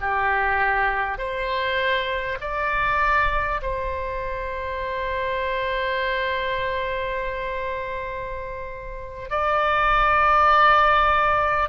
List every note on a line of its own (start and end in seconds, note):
0.00 1.17 G4
1.17 2.37 C5
2.41 3.61 D5
3.62 9.29 C5
9.29 11.68 D5